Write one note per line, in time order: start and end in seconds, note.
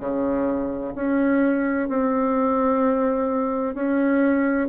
0.00 0.94 C#3
0.95 1.88 C#4
1.88 3.75 C4
3.75 4.68 C#4